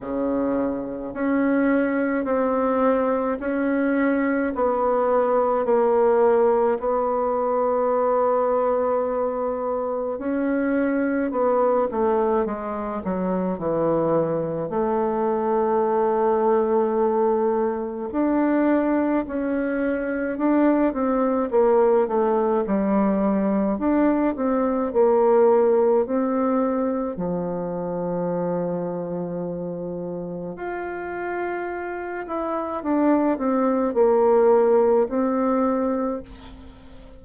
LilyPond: \new Staff \with { instrumentName = "bassoon" } { \time 4/4 \tempo 4 = 53 cis4 cis'4 c'4 cis'4 | b4 ais4 b2~ | b4 cis'4 b8 a8 gis8 fis8 | e4 a2. |
d'4 cis'4 d'8 c'8 ais8 a8 | g4 d'8 c'8 ais4 c'4 | f2. f'4~ | f'8 e'8 d'8 c'8 ais4 c'4 | }